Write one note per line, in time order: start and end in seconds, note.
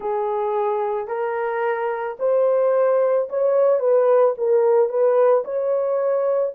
0.00 1.07 G#4
1.07 2.16 A#4
2.19 3.28 C5
3.29 3.79 C#5
3.79 4.34 B4
4.37 4.88 A#4
4.88 5.43 B4
5.44 6.53 C#5